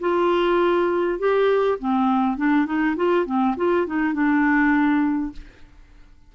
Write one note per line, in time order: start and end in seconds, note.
0.00 1.19 F4
1.19 1.78 G4
1.79 2.37 C4
2.37 2.66 D4
2.66 2.95 D#4
2.96 3.25 F4
3.25 3.55 C4
3.56 3.86 F4
3.86 4.13 D#4
4.13 5.32 D4